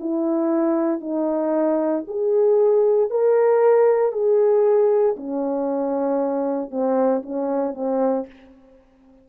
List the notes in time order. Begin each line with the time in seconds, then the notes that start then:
0.00 E4
1.01 D#4
2.08 G#4
3.10 A#4
4.12 G#4
5.17 C#4
6.71 C4
7.23 C#4
7.74 C4